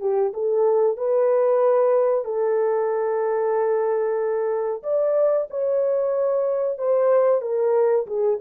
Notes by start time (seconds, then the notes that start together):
0.00 G4
0.33 A4
0.97 B4
2.24 A4
4.82 D5
5.50 C#5
6.78 C5
7.41 A#4
8.06 G#4